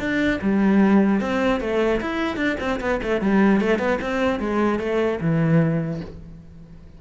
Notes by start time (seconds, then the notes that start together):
0.00 D4
0.42 G3
1.21 C4
1.61 A3
2.01 E4
2.37 D4
2.60 C4
2.81 B3
3.03 A3
3.22 G3
3.61 A3
3.79 B3
4.02 C4
4.40 G#3
4.80 A3
5.21 E3